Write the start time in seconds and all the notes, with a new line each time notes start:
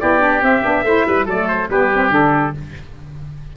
0.00 B3 E4 G4 D5
0.20 D4
0.42 C4 E5
0.63 B3 D4
0.84 A3 E4 C5
1.08 G3 B4
1.26 F#3 A3 A4 D5
1.49 C5
1.70 G3 B3 G4 B4
1.94 C4
2.11 D3 D4 A4